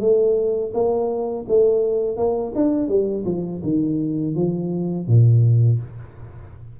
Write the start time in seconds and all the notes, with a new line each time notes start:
0.00 A3
0.74 A#3
1.48 A3
2.17 A#3
2.55 D4
2.88 G3
3.25 F3
3.63 D#3
4.35 F3
5.07 A#2